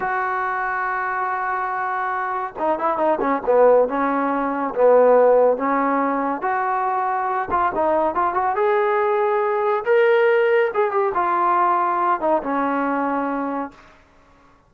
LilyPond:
\new Staff \with { instrumentName = "trombone" } { \time 4/4 \tempo 4 = 140 fis'1~ | fis'2 dis'8 e'8 dis'8 cis'8 | b4 cis'2 b4~ | b4 cis'2 fis'4~ |
fis'4. f'8 dis'4 f'8 fis'8 | gis'2. ais'4~ | ais'4 gis'8 g'8 f'2~ | f'8 dis'8 cis'2. | }